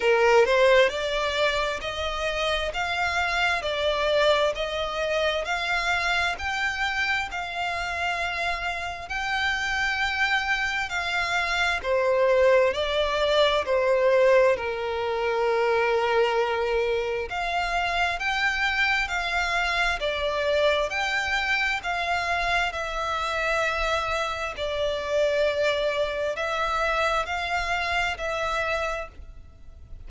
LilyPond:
\new Staff \with { instrumentName = "violin" } { \time 4/4 \tempo 4 = 66 ais'8 c''8 d''4 dis''4 f''4 | d''4 dis''4 f''4 g''4 | f''2 g''2 | f''4 c''4 d''4 c''4 |
ais'2. f''4 | g''4 f''4 d''4 g''4 | f''4 e''2 d''4~ | d''4 e''4 f''4 e''4 | }